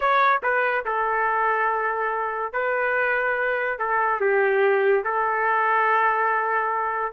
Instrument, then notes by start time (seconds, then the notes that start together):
trumpet
0.00 C#5
0.42 B4
0.85 A4
2.53 B4
3.78 A4
4.20 G4
5.04 A4